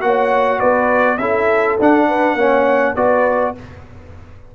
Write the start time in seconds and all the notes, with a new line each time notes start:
0.00 A#3 F#4 C#5 F#5
0.59 B3 B4 D5
1.17 C#4 E4 A4 E5
1.79 D4 F#5
2.07 B4
2.34 A#3 C#4 C#5
2.95 B3 F#4 B4 D5